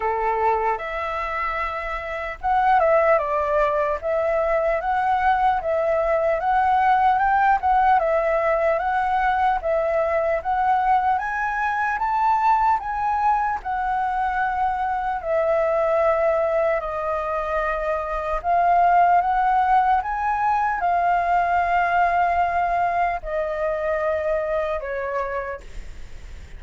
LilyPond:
\new Staff \with { instrumentName = "flute" } { \time 4/4 \tempo 4 = 75 a'4 e''2 fis''8 e''8 | d''4 e''4 fis''4 e''4 | fis''4 g''8 fis''8 e''4 fis''4 | e''4 fis''4 gis''4 a''4 |
gis''4 fis''2 e''4~ | e''4 dis''2 f''4 | fis''4 gis''4 f''2~ | f''4 dis''2 cis''4 | }